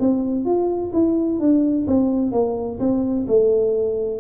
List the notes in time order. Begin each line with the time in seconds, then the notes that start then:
0.00 C4
0.45 F4
0.93 E4
1.40 D4
1.87 C4
2.32 A#3
2.80 C4
3.28 A3